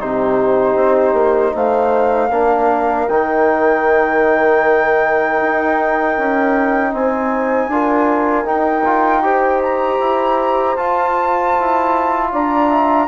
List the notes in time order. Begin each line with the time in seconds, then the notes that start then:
0.00 C3 D#4 G4 C5
0.76 C4
1.14 A#3
1.54 A3 C5 F5
2.30 A#3 D4 A#4
3.09 D#3 D#4 G5
5.42 D#4
6.18 C#4
6.93 C4 C5 G#5
7.68 D4 F4 A#4
8.45 D#4 G5
8.85 F4
9.23 G4 C5
9.63 A#5
10.00 E4
10.76 F4 A5
11.60 E4
12.31 D4 D5 A#5
12.70 E5